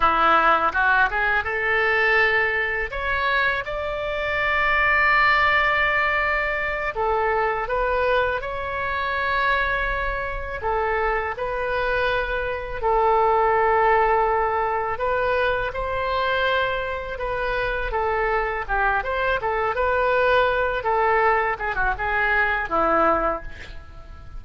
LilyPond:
\new Staff \with { instrumentName = "oboe" } { \time 4/4 \tempo 4 = 82 e'4 fis'8 gis'8 a'2 | cis''4 d''2.~ | d''4. a'4 b'4 cis''8~ | cis''2~ cis''8 a'4 b'8~ |
b'4. a'2~ a'8~ | a'8 b'4 c''2 b'8~ | b'8 a'4 g'8 c''8 a'8 b'4~ | b'8 a'4 gis'16 fis'16 gis'4 e'4 | }